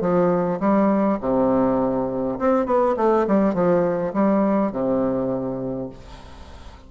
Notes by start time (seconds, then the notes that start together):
0.00 F3
0.59 G3
1.20 C3
2.39 C4
2.66 B3
2.96 A3
3.27 G3
3.54 F3
4.13 G3
4.71 C3